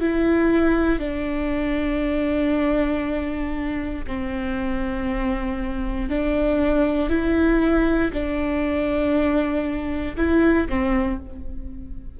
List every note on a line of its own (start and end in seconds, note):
0.00 0.98 E4
0.98 4.04 D4
4.07 6.09 C4
6.09 7.09 D4
7.09 8.11 E4
8.13 10.16 D4
10.16 10.67 E4
10.69 11.20 C4